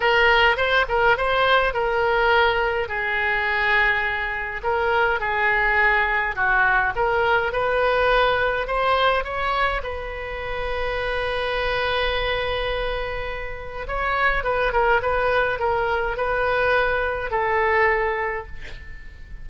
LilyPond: \new Staff \with { instrumentName = "oboe" } { \time 4/4 \tempo 4 = 104 ais'4 c''8 ais'8 c''4 ais'4~ | ais'4 gis'2. | ais'4 gis'2 fis'4 | ais'4 b'2 c''4 |
cis''4 b'2.~ | b'1 | cis''4 b'8 ais'8 b'4 ais'4 | b'2 a'2 | }